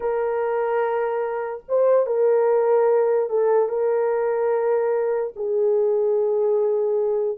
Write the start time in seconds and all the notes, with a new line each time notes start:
0.00 A#4
1.68 C5
2.06 A#4
3.29 A4
3.68 A#4
5.36 G#4